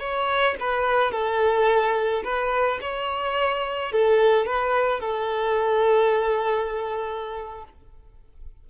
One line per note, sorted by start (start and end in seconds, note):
0.00 0.56 C#5
0.60 1.12 B4
1.12 2.23 A4
2.24 2.80 B4
2.82 3.92 C#5
3.92 4.46 A4
4.46 5.01 B4
5.01 7.65 A4